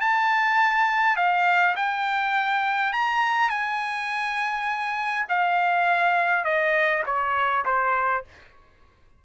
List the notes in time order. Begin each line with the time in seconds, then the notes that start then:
0.00 A5
1.16 F5
1.76 G5
2.93 A#5
3.49 G#5
5.28 F5
6.44 D#5
7.06 C#5
7.65 C5